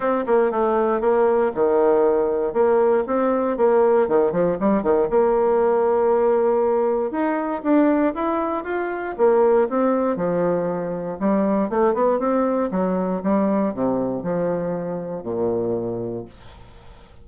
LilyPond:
\new Staff \with { instrumentName = "bassoon" } { \time 4/4 \tempo 4 = 118 c'8 ais8 a4 ais4 dis4~ | dis4 ais4 c'4 ais4 | dis8 f8 g8 dis8 ais2~ | ais2 dis'4 d'4 |
e'4 f'4 ais4 c'4 | f2 g4 a8 b8 | c'4 fis4 g4 c4 | f2 ais,2 | }